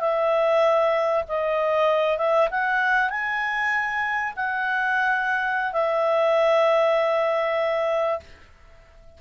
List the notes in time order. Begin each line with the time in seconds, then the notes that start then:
0.00 E5
1.28 D#5
2.18 E5
2.51 F#5
3.10 G#5
4.36 F#5
5.73 E5